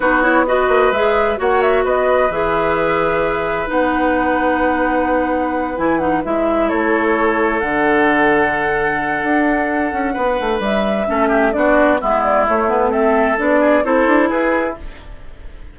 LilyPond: <<
  \new Staff \with { instrumentName = "flute" } { \time 4/4 \tempo 4 = 130 b'8 cis''8 dis''4 e''4 fis''8 e''8 | dis''4 e''2. | fis''1~ | fis''8 gis''8 fis''8 e''4 cis''4.~ |
cis''8 fis''2.~ fis''8~ | fis''2. e''4~ | e''4 d''4 e''8 d''8 cis''8 b'8 | e''4 d''4 c''4 b'4 | }
  \new Staff \with { instrumentName = "oboe" } { \time 4/4 fis'4 b'2 cis''4 | b'1~ | b'1~ | b'2~ b'8 a'4.~ |
a'1~ | a'2 b'2 | a'8 g'8 fis'4 e'2 | a'4. gis'8 a'4 gis'4 | }
  \new Staff \with { instrumentName = "clarinet" } { \time 4/4 dis'8 e'8 fis'4 gis'4 fis'4~ | fis'4 gis'2. | dis'1~ | dis'8 e'8 dis'8 e'2~ e'8~ |
e'8 d'2.~ d'8~ | d'1 | cis'4 d'4 b4 a8 b8 | c'4 d'4 e'2 | }
  \new Staff \with { instrumentName = "bassoon" } { \time 4/4 b4. ais8 gis4 ais4 | b4 e2. | b1~ | b8 e4 gis4 a4.~ |
a8 d2.~ d8 | d'4. cis'8 b8 a8 g4 | a4 b4 gis4 a4~ | a4 b4 c'8 d'8 e'4 | }
>>